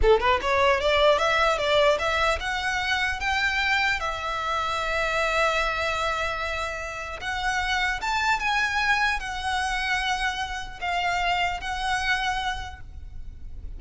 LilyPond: \new Staff \with { instrumentName = "violin" } { \time 4/4 \tempo 4 = 150 a'8 b'8 cis''4 d''4 e''4 | d''4 e''4 fis''2 | g''2 e''2~ | e''1~ |
e''2 fis''2 | a''4 gis''2 fis''4~ | fis''2. f''4~ | f''4 fis''2. | }